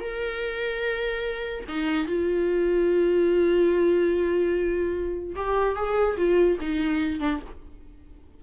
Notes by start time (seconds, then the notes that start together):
0.00 A#4
1.68 D#4
2.07 F4
5.36 G4
5.76 G#4
6.17 F4
6.60 D#4
7.20 D4